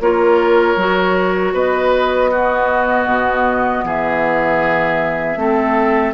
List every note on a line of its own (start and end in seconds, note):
0.00 0.76 A#3
0.00 0.78 F4
0.00 1.53 A#4
0.00 1.54 C#5
0.76 1.53 F#3
0.76 2.32 F#4
1.53 3.06 B3
1.53 2.30 B4
1.53 3.86 D#5
2.31 5.37 B3
2.31 3.85 F#4
3.06 3.83 B2
3.83 5.36 E3
3.83 5.39 G#4
3.83 6.14 E5
5.36 6.13 A3
5.36 6.14 C4
5.36 6.14 A4